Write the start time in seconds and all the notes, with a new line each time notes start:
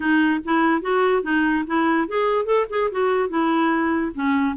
0.00 D#4
0.44 E4
0.81 F#4
1.22 D#4
1.67 E4
2.08 G#4
2.45 A4
2.69 G#4
2.91 F#4
3.29 E4
4.14 C#4